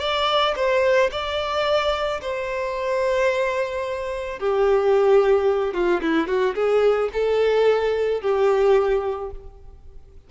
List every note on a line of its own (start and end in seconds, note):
0.00 0.55 D5
0.56 1.10 C5
1.12 2.21 D5
2.21 4.39 C5
4.39 5.73 G4
5.73 6.01 F4
6.01 6.27 E4
6.27 6.55 F#4
6.55 7.09 G#4
7.13 8.21 A4
8.21 9.30 G4